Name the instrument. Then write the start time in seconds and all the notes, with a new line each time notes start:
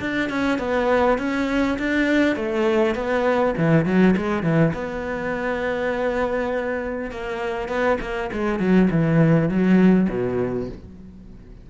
cello
0.00 D4
0.29 C#4
0.59 B3
1.18 C#4
1.79 D4
2.36 A3
2.95 B3
3.58 E3
3.85 F#3
4.17 G#3
4.43 E3
4.74 B3
7.11 A#3
7.68 B3
8.01 A#3
8.33 G#3
8.59 F#3
8.91 E3
9.49 F#3
10.09 B2